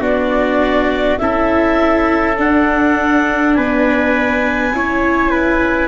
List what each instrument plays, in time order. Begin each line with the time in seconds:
0.00 tuba B3, viola D4, trumpet F#4, clarinet D5
1.18 tuba C#4, viola E4, trumpet A4, clarinet E5
2.37 viola D4, tuba D4, clarinet F#5
3.54 tuba B3, trumpet B4, clarinet G#5
4.72 tuba C#4, viola E4, trumpet C#5
5.30 trumpet B4